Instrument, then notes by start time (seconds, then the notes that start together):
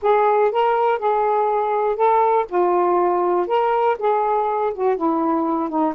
saxophone
0.02 G#4
0.51 A#4
0.98 G#4
1.95 A4
2.48 F4
3.47 A#4
3.98 G#4
4.74 F#4
4.97 E4
5.69 D#4